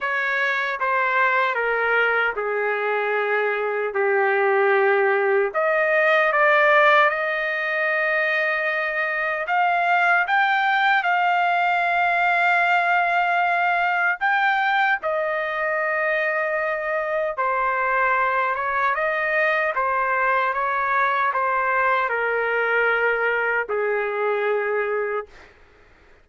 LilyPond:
\new Staff \with { instrumentName = "trumpet" } { \time 4/4 \tempo 4 = 76 cis''4 c''4 ais'4 gis'4~ | gis'4 g'2 dis''4 | d''4 dis''2. | f''4 g''4 f''2~ |
f''2 g''4 dis''4~ | dis''2 c''4. cis''8 | dis''4 c''4 cis''4 c''4 | ais'2 gis'2 | }